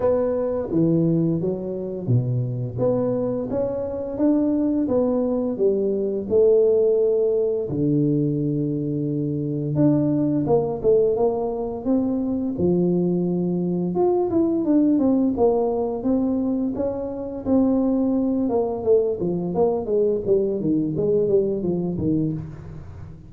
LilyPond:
\new Staff \with { instrumentName = "tuba" } { \time 4/4 \tempo 4 = 86 b4 e4 fis4 b,4 | b4 cis'4 d'4 b4 | g4 a2 d4~ | d2 d'4 ais8 a8 |
ais4 c'4 f2 | f'8 e'8 d'8 c'8 ais4 c'4 | cis'4 c'4. ais8 a8 f8 | ais8 gis8 g8 dis8 gis8 g8 f8 dis8 | }